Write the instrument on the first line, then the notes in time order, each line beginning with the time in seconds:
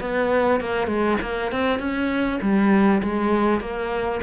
cello
0.00 B3
0.60 A#3
0.87 G#3
1.21 A#3
1.51 C4
1.79 C#4
2.41 G3
3.02 G#3
3.60 A#3